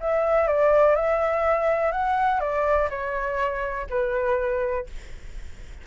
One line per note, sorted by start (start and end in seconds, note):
0.00 0.48 E5
0.48 0.95 D5
0.95 1.92 E5
1.92 2.40 F#5
2.40 2.89 D5
2.90 3.87 C#5
3.90 4.87 B4